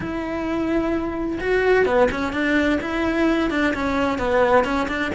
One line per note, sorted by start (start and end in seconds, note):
0.00 1.39 E4
1.40 1.85 F#4
1.85 2.08 B3
2.11 2.33 C#4
2.33 2.79 D4
2.81 3.50 E4
3.50 3.73 D4
3.74 4.18 C#4
4.18 4.64 B3
4.64 4.87 C#4
4.88 5.11 D4